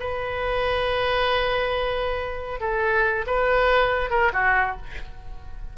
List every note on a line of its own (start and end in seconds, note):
0.00 2.60 B4
2.60 3.26 A4
3.27 4.10 B4
4.10 4.32 A#4
4.33 4.77 F#4